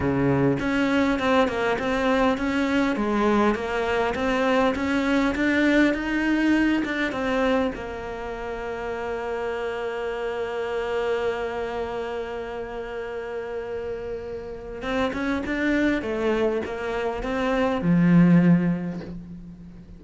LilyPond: \new Staff \with { instrumentName = "cello" } { \time 4/4 \tempo 4 = 101 cis4 cis'4 c'8 ais8 c'4 | cis'4 gis4 ais4 c'4 | cis'4 d'4 dis'4. d'8 | c'4 ais2.~ |
ais1~ | ais1~ | ais4 c'8 cis'8 d'4 a4 | ais4 c'4 f2 | }